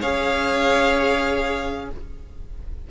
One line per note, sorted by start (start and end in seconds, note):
0.00 1.90 C#4
0.00 1.91 G#4
0.00 1.88 C#5
0.00 1.89 F5